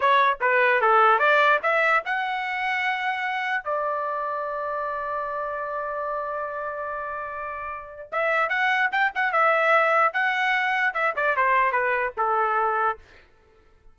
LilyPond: \new Staff \with { instrumentName = "trumpet" } { \time 4/4 \tempo 4 = 148 cis''4 b'4 a'4 d''4 | e''4 fis''2.~ | fis''4 d''2.~ | d''1~ |
d''1 | e''4 fis''4 g''8 fis''8 e''4~ | e''4 fis''2 e''8 d''8 | c''4 b'4 a'2 | }